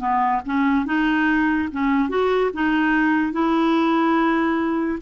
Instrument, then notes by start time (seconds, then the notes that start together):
clarinet
0.00 B3
0.46 C#4
0.86 D#4
1.72 C#4
2.09 F#4
2.54 D#4
3.33 E4